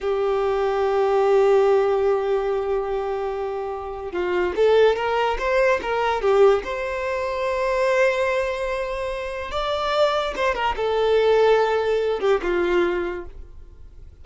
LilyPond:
\new Staff \with { instrumentName = "violin" } { \time 4/4 \tempo 4 = 145 g'1~ | g'1~ | g'2 f'4 a'4 | ais'4 c''4 ais'4 g'4 |
c''1~ | c''2. d''4~ | d''4 c''8 ais'8 a'2~ | a'4. g'8 f'2 | }